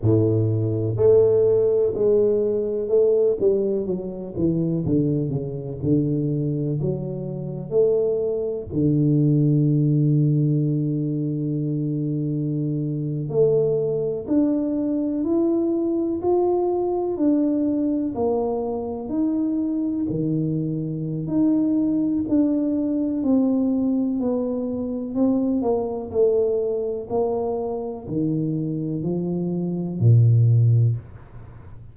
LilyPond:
\new Staff \with { instrumentName = "tuba" } { \time 4/4 \tempo 4 = 62 a,4 a4 gis4 a8 g8 | fis8 e8 d8 cis8 d4 fis4 | a4 d2.~ | d4.~ d16 a4 d'4 e'16~ |
e'8. f'4 d'4 ais4 dis'16~ | dis'8. dis4~ dis16 dis'4 d'4 | c'4 b4 c'8 ais8 a4 | ais4 dis4 f4 ais,4 | }